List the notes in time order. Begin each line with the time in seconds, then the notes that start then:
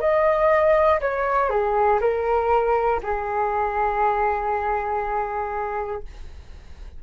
0.00 D#5
1.00 C#5
1.50 G#4
2.01 A#4
3.03 G#4